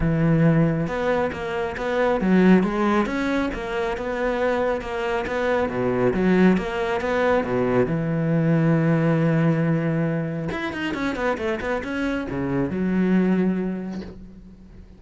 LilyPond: \new Staff \with { instrumentName = "cello" } { \time 4/4 \tempo 4 = 137 e2 b4 ais4 | b4 fis4 gis4 cis'4 | ais4 b2 ais4 | b4 b,4 fis4 ais4 |
b4 b,4 e2~ | e1 | e'8 dis'8 cis'8 b8 a8 b8 cis'4 | cis4 fis2. | }